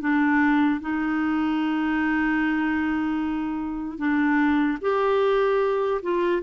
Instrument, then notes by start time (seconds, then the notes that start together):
clarinet
0.00 D4
0.80 D#4
3.98 D4
4.81 G4
6.02 F4